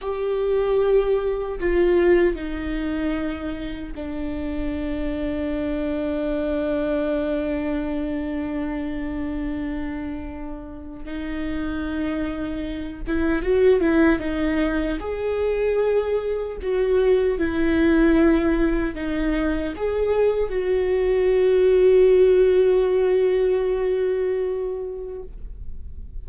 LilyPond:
\new Staff \with { instrumentName = "viola" } { \time 4/4 \tempo 4 = 76 g'2 f'4 dis'4~ | dis'4 d'2.~ | d'1~ | d'2 dis'2~ |
dis'8 e'8 fis'8 e'8 dis'4 gis'4~ | gis'4 fis'4 e'2 | dis'4 gis'4 fis'2~ | fis'1 | }